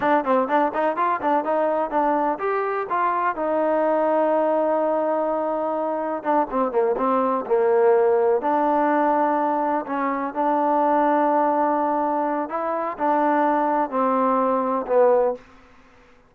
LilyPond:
\new Staff \with { instrumentName = "trombone" } { \time 4/4 \tempo 4 = 125 d'8 c'8 d'8 dis'8 f'8 d'8 dis'4 | d'4 g'4 f'4 dis'4~ | dis'1~ | dis'4 d'8 c'8 ais8 c'4 ais8~ |
ais4. d'2~ d'8~ | d'8 cis'4 d'2~ d'8~ | d'2 e'4 d'4~ | d'4 c'2 b4 | }